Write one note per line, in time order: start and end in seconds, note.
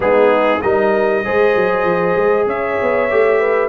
0.00 0.59 G#3
0.00 0.59 B3
0.00 0.62 D#4
0.00 0.61 G#4
0.61 1.25 G3
0.61 1.24 D#4
0.61 1.23 A#4
0.61 2.47 D#5
1.24 1.55 G#3
1.24 3.09 G#4
1.24 2.48 C5
1.55 1.84 F#3
1.84 2.15 F3
2.15 2.46 G#3
2.46 2.77 C#4
2.46 3.39 C#5
2.46 3.68 E5
2.82 3.11 B3
3.09 3.68 A3
3.09 3.68 G4
3.39 3.68 B4